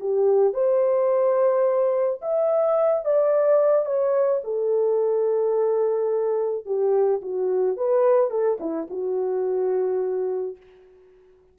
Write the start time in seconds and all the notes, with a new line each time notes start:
0.00 G4
0.54 C5
2.21 E5
3.05 D5
3.86 C#5
4.44 A4
6.66 G4
7.21 F#4
7.77 B4
8.31 A4
8.60 E4
8.90 F#4